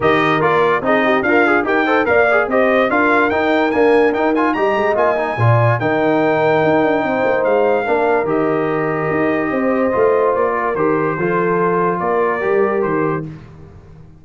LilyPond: <<
  \new Staff \with { instrumentName = "trumpet" } { \time 4/4 \tempo 4 = 145 dis''4 d''4 dis''4 f''4 | g''4 f''4 dis''4 f''4 | g''4 gis''4 g''8 gis''8 ais''4 | gis''2 g''2~ |
g''2 f''2 | dis''1~ | dis''4 d''4 c''2~ | c''4 d''2 c''4 | }
  \new Staff \with { instrumentName = "horn" } { \time 4/4 ais'2 gis'8 g'8 f'4 | ais'8 c''8 d''4 c''4 ais'4~ | ais'2. dis''4~ | dis''4 d''4 ais'2~ |
ais'4 c''2 ais'4~ | ais'2. c''4~ | c''4. ais'4. a'4~ | a'4 ais'2. | }
  \new Staff \with { instrumentName = "trombone" } { \time 4/4 g'4 f'4 dis'4 ais'8 gis'8 | g'8 a'8 ais'8 gis'8 g'4 f'4 | dis'4 ais4 dis'8 f'8 g'4 | f'8 dis'8 f'4 dis'2~ |
dis'2. d'4 | g'1 | f'2 g'4 f'4~ | f'2 g'2 | }
  \new Staff \with { instrumentName = "tuba" } { \time 4/4 dis4 ais4 c'4 d'4 | dis'4 ais4 c'4 d'4 | dis'4 d'4 dis'4 g8 gis8 | ais4 ais,4 dis2 |
dis'8 d'8 c'8 ais8 gis4 ais4 | dis2 dis'4 c'4 | a4 ais4 dis4 f4~ | f4 ais4 g4 dis4 | }
>>